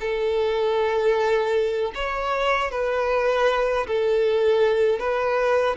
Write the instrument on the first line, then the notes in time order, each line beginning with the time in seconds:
violin
0.00 A4
1.94 C#5
2.71 B4
3.87 A4
4.99 B4